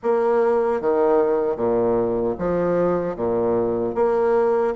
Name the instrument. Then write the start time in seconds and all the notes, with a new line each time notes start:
bassoon
0.02 A#3
0.81 D#3
1.56 A#2
2.38 F3
3.15 A#2
3.95 A#3